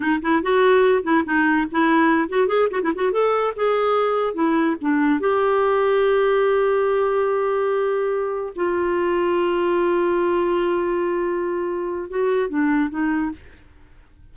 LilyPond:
\new Staff \with { instrumentName = "clarinet" } { \time 4/4 \tempo 4 = 144 dis'8 e'8 fis'4. e'8 dis'4 | e'4. fis'8 gis'8 fis'16 e'16 fis'8 a'8~ | a'8 gis'2 e'4 d'8~ | d'8 g'2.~ g'8~ |
g'1~ | g'8 f'2.~ f'8~ | f'1~ | f'4 fis'4 d'4 dis'4 | }